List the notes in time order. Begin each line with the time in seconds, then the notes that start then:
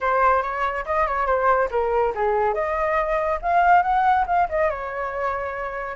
0.00 C5
0.42 C#5
0.85 D#5
1.06 C#5
1.26 C5
1.70 A#4
2.15 G#4
2.54 D#5
3.42 F5
3.82 F#5
4.26 F5
4.49 D#5
4.70 C#5